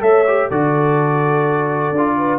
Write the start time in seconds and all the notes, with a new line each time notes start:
0.00 A3 A4 C#5 E5
0.27 G4
0.48 D3 F#4 A4 D5
1.92 D4 F4
2.17 B4